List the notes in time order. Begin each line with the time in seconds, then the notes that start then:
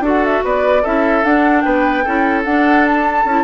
0.00 D4 F#4 A4
0.08 F#5
0.24 E5
0.44 B3 B4 D5
0.82 C#4 E4 A4 E5
1.24 D4 F#5
1.61 B3 B4 G5
2.04 C#4 E4 A4
2.44 D4 F#5
2.85 A5
3.25 C#4 E4